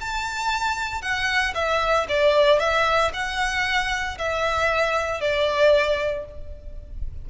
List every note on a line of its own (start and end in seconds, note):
0.00 1.02 A5
1.02 1.54 F#5
1.54 2.07 E5
2.09 2.59 D5
2.59 3.11 E5
3.14 4.18 F#5
4.18 5.21 E5
5.21 6.25 D5